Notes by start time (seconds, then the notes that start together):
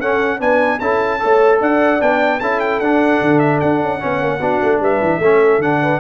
0.00 C#4 A4 F#5
0.40 B3 D4 B4 G#5
0.80 C#4 E4 A4 A5
1.19 A3 A4 C#5
1.60 D4 D5 F#5
2.01 B3 D4 G5
2.40 C#4 E4 A4 A5
2.60 G5
2.80 D4 F#5
3.21 D3
3.39 E5
3.61 D4 F#5
3.82 C#4
4.00 B3 C#4 C#5
4.22 A#3
4.40 B3 D4 F#4
4.62 A3
4.80 G3 B4 E5
5.01 E3
5.19 A3 C#4 A4
5.58 D3 D4 F#5
5.83 B4